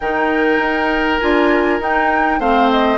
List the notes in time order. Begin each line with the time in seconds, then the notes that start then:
0.00 D#3 D#4 A#4 G5
0.58 D#4
1.19 D4 F4 G#5
1.79 D#4 G5
2.39 A3 C4 C5 F5
2.71 D#5